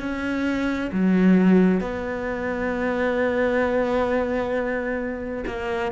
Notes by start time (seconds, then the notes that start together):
0.00 C#4
0.93 F#3
1.81 B3
5.47 A#3